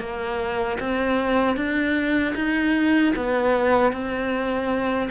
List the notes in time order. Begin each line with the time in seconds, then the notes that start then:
0.00 A#3
0.80 C4
1.56 D4
2.35 D#4
3.16 B3
3.92 C4